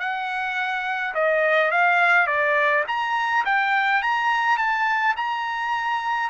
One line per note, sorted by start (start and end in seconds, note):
0.00 1.14 F#5
1.15 1.72 D#5
1.72 2.27 F5
2.27 2.84 D5
2.88 3.45 A#5
3.46 4.03 G5
4.03 4.58 A#5
4.58 5.15 A5
5.17 6.30 A#5